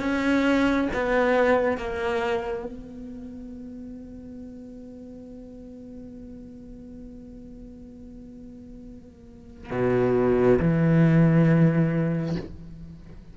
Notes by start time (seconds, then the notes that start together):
0.00 C#4
0.94 B3
1.78 A#3
2.66 B3
9.71 B2
10.60 E3